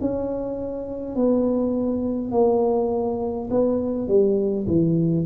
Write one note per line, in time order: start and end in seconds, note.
0.00 1.15 C#4
1.15 2.31 B3
2.31 3.49 A#3
3.50 4.07 B3
4.07 4.66 G3
4.67 5.25 E3